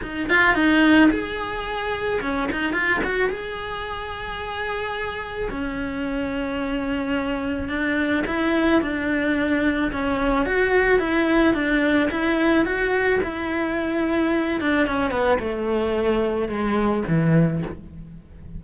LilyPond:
\new Staff \with { instrumentName = "cello" } { \time 4/4 \tempo 4 = 109 dis'8 f'8 dis'4 gis'2 | cis'8 dis'8 f'8 fis'8 gis'2~ | gis'2 cis'2~ | cis'2 d'4 e'4 |
d'2 cis'4 fis'4 | e'4 d'4 e'4 fis'4 | e'2~ e'8 d'8 cis'8 b8 | a2 gis4 e4 | }